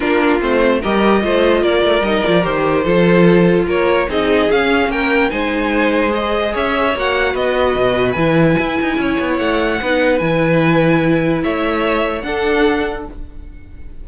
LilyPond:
<<
  \new Staff \with { instrumentName = "violin" } { \time 4/4 \tempo 4 = 147 ais'4 c''4 dis''2 | d''4 dis''8 d''8 c''2~ | c''4 cis''4 dis''4 f''4 | g''4 gis''2 dis''4 |
e''4 fis''4 dis''2 | gis''2. fis''4~ | fis''4 gis''2. | e''2 fis''2 | }
  \new Staff \with { instrumentName = "violin" } { \time 4/4 f'2 ais'4 c''4 | ais'2. a'4~ | a'4 ais'4 gis'2 | ais'4 c''2. |
cis''2 b'2~ | b'2 cis''2 | b'1 | cis''2 a'2 | }
  \new Staff \with { instrumentName = "viola" } { \time 4/4 d'4 c'4 g'4 f'4~ | f'4 dis'8 f'8 g'4 f'4~ | f'2 dis'4 cis'4~ | cis'4 dis'2 gis'4~ |
gis'4 fis'2. | e'1 | dis'4 e'2.~ | e'2 d'2 | }
  \new Staff \with { instrumentName = "cello" } { \time 4/4 ais4 a4 g4 a4 | ais8 a8 g8 f8 dis4 f4~ | f4 ais4 c'4 cis'4 | ais4 gis2. |
cis'4 ais4 b4 b,4 | e4 e'8 dis'8 cis'8 b8 a4 | b4 e2. | a2 d'2 | }
>>